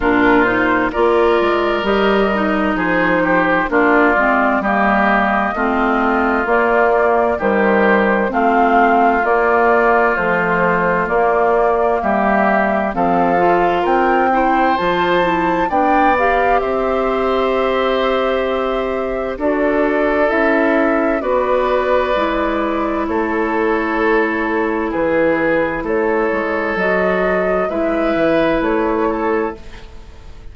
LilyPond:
<<
  \new Staff \with { instrumentName = "flute" } { \time 4/4 \tempo 4 = 65 ais'8 c''8 d''4 dis''4 c''4 | d''4 dis''2 d''4 | c''4 f''4 d''4 c''4 | d''4 e''4 f''4 g''4 |
a''4 g''8 f''8 e''2~ | e''4 d''4 e''4 d''4~ | d''4 cis''2 b'4 | cis''4 dis''4 e''4 cis''4 | }
  \new Staff \with { instrumentName = "oboe" } { \time 4/4 f'4 ais'2 gis'8 g'8 | f'4 g'4 f'2 | g'4 f'2.~ | f'4 g'4 a'4 ais'8 c''8~ |
c''4 d''4 c''2~ | c''4 a'2 b'4~ | b'4 a'2 gis'4 | a'2 b'4. a'8 | }
  \new Staff \with { instrumentName = "clarinet" } { \time 4/4 d'8 dis'8 f'4 g'8 dis'4. | d'8 c'8 ais4 c'4 ais4 | g4 c'4 ais4 f4 | ais2 c'8 f'4 e'8 |
f'8 e'8 d'8 g'2~ g'8~ | g'4 fis'4 e'4 fis'4 | e'1~ | e'4 fis'4 e'2 | }
  \new Staff \with { instrumentName = "bassoon" } { \time 4/4 ais,4 ais8 gis8 g4 f4 | ais8 gis8 g4 a4 ais4 | dis4 a4 ais4 a4 | ais4 g4 f4 c'4 |
f4 b4 c'2~ | c'4 d'4 cis'4 b4 | gis4 a2 e4 | a8 gis8 fis4 gis8 e8 a4 | }
>>